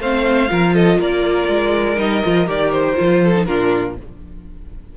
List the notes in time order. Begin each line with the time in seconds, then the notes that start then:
0.00 A3 C4 C5 F5
0.48 F3 F4 A#4
0.75 A4 D#5
0.99 A#3 A#4 D5
1.49 G#3
1.97 G3 D#4 D#5
2.24 F3 F4
2.47 D#3 G4 D5
2.72 C5
2.95 F3 F4
3.24 A4
3.37 D#4
3.45 A#2 D4 F4 A#4